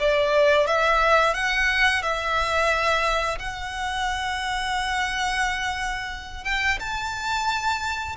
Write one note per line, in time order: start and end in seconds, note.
0.00 0.67 D5
0.67 1.35 E5
1.35 2.03 F#5
2.03 3.39 E5
3.39 6.45 F#5
6.45 6.79 G5
6.80 8.17 A5